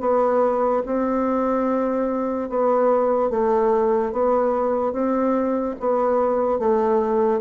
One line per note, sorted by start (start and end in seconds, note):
0.00 0.82 B3
0.86 2.49 C4
2.49 3.30 B3
3.30 4.12 A3
4.12 4.92 B3
4.92 5.75 C4
5.79 6.59 B3
6.59 7.40 A3